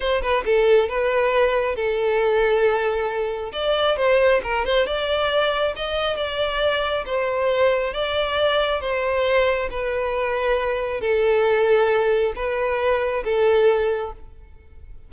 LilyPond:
\new Staff \with { instrumentName = "violin" } { \time 4/4 \tempo 4 = 136 c''8 b'8 a'4 b'2 | a'1 | d''4 c''4 ais'8 c''8 d''4~ | d''4 dis''4 d''2 |
c''2 d''2 | c''2 b'2~ | b'4 a'2. | b'2 a'2 | }